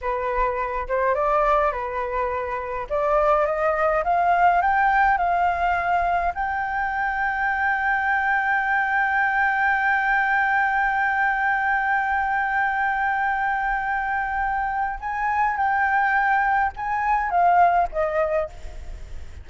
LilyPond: \new Staff \with { instrumentName = "flute" } { \time 4/4 \tempo 4 = 104 b'4. c''8 d''4 b'4~ | b'4 d''4 dis''4 f''4 | g''4 f''2 g''4~ | g''1~ |
g''1~ | g''1~ | g''2 gis''4 g''4~ | g''4 gis''4 f''4 dis''4 | }